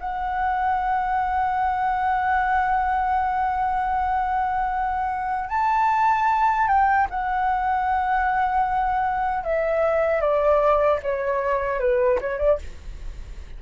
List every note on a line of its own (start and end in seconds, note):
0.00 5.49 F#5
5.49 6.68 A5
6.68 7.08 G5
7.10 9.44 F#5
9.44 10.21 E5
10.21 11.00 D5
11.03 11.80 C#5
11.80 12.19 B4
12.21 12.39 C#5
12.39 12.59 D5